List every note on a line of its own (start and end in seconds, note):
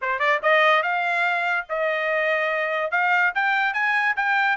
0.01 0.19 C5
0.19 0.40 D5
0.42 0.82 D#5
0.82 1.66 F5
1.69 2.91 D#5
2.91 3.32 F5
3.34 3.73 G5
3.73 4.15 G#5
4.16 4.56 G5